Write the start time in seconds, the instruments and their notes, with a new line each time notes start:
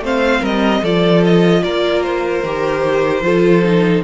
0.00 cello A3, viola C4, violin C5
0.06 violin F5
0.41 cello G3, violin A#4 D#5
0.82 cello F3, viola F4, violin A4 D5
1.25 violin D#5
1.63 cello A#3, violin A#4 D5
2.03 violin C5
2.43 cello D#3, viola G4
3.21 cello F3, viola F4, violin A4
3.64 viola D#4